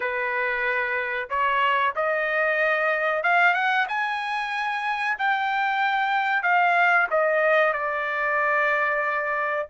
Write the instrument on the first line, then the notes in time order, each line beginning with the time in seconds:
trumpet
0.00 B4
1.29 C#5
1.95 D#5
3.23 F5
3.54 F#5
3.88 G#5
5.18 G5
6.42 F5
7.10 D#5
7.73 D5